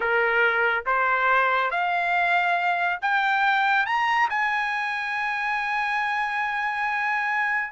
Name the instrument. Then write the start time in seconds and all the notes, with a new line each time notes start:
trumpet
0.00 A#4
0.86 C5
1.70 F5
3.01 G5
3.86 A#5
4.29 G#5